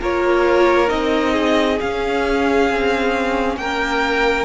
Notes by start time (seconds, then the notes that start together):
0.00 A#3 F4 A#4 C#5
0.87 C4 D#4 D#5
1.33 G#4
1.80 C#4 F5
2.70 C4
3.56 A#3 A#4 G5